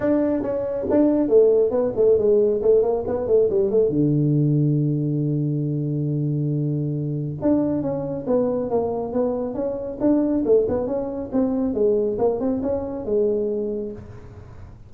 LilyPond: \new Staff \with { instrumentName = "tuba" } { \time 4/4 \tempo 4 = 138 d'4 cis'4 d'4 a4 | b8 a8 gis4 a8 ais8 b8 a8 | g8 a8 d2.~ | d1~ |
d4 d'4 cis'4 b4 | ais4 b4 cis'4 d'4 | a8 b8 cis'4 c'4 gis4 | ais8 c'8 cis'4 gis2 | }